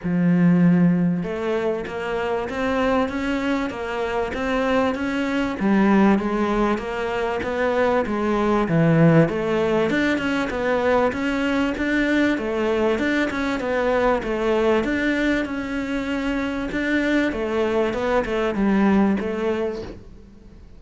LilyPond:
\new Staff \with { instrumentName = "cello" } { \time 4/4 \tempo 4 = 97 f2 a4 ais4 | c'4 cis'4 ais4 c'4 | cis'4 g4 gis4 ais4 | b4 gis4 e4 a4 |
d'8 cis'8 b4 cis'4 d'4 | a4 d'8 cis'8 b4 a4 | d'4 cis'2 d'4 | a4 b8 a8 g4 a4 | }